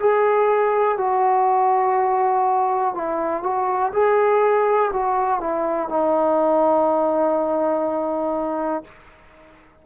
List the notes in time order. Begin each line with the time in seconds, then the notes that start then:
0.00 G#4
0.97 F#4
2.94 E4
3.43 F#4
3.93 G#4
4.93 F#4
5.40 E4
5.89 D#4